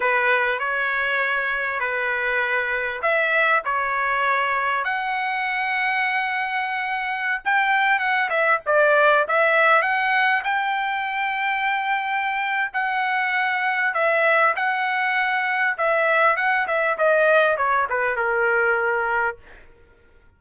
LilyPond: \new Staff \with { instrumentName = "trumpet" } { \time 4/4 \tempo 4 = 99 b'4 cis''2 b'4~ | b'4 e''4 cis''2 | fis''1~ | fis''16 g''4 fis''8 e''8 d''4 e''8.~ |
e''16 fis''4 g''2~ g''8.~ | g''4 fis''2 e''4 | fis''2 e''4 fis''8 e''8 | dis''4 cis''8 b'8 ais'2 | }